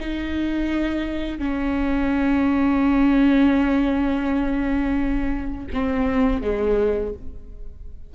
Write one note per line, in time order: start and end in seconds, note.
0.00 1.39 D#4
1.39 5.67 C#4
5.73 6.42 C4
6.42 7.14 G#3